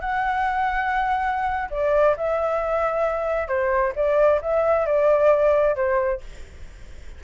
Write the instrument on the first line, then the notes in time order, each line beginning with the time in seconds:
flute
0.00 F#5
1.70 D5
2.16 E5
3.48 C5
3.95 D5
4.41 E5
4.86 D5
5.75 C5